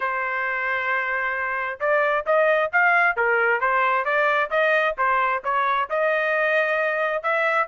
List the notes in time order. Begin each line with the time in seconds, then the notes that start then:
0.00 C5
1.80 D5
2.26 D#5
2.72 F5
3.16 A#4
3.60 C5
4.04 D5
4.50 D#5
4.97 C5
5.44 C#5
5.89 D#5
7.22 E5